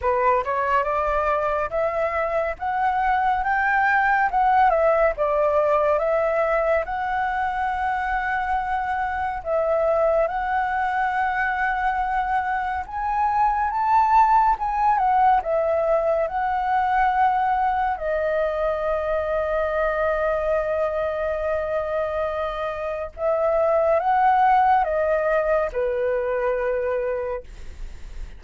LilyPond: \new Staff \with { instrumentName = "flute" } { \time 4/4 \tempo 4 = 70 b'8 cis''8 d''4 e''4 fis''4 | g''4 fis''8 e''8 d''4 e''4 | fis''2. e''4 | fis''2. gis''4 |
a''4 gis''8 fis''8 e''4 fis''4~ | fis''4 dis''2.~ | dis''2. e''4 | fis''4 dis''4 b'2 | }